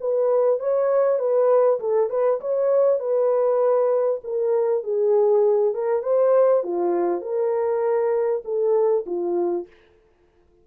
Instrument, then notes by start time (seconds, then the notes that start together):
horn
0.00 B4
0.60 C#5
1.19 B4
1.80 A4
2.10 B4
2.40 C#5
2.99 B4
4.24 A#4
4.83 G#4
5.74 A#4
6.03 C5
6.63 F4
7.21 A#4
8.44 A4
9.06 F4